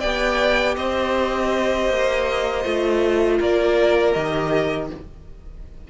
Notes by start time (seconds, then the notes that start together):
0.00 B3 G4 D5 G5
0.75 C4 C5 D#5
1.89 A#3
2.64 A3 F4
3.38 A#3 A#4 D5
4.13 D#3 G4 D#5